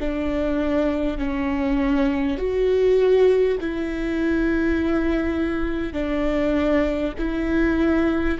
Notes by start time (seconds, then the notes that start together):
0.00 D4
1.18 C#4
2.38 F#4
3.61 E4
5.93 D4
7.18 E4